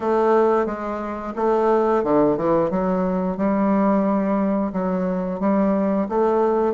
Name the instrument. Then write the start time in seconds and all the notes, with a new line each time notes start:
bassoon
0.00 A3
0.66 G#3
1.36 A3
2.03 D3
2.37 E3
2.70 F#3
3.37 G3
4.73 F#3
5.40 G3
6.08 A3